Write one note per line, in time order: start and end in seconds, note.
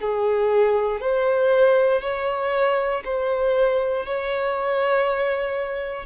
0.00 1.00 G#4
1.00 2.02 C5
2.02 3.03 C#5
3.04 4.05 C5
4.05 6.05 C#5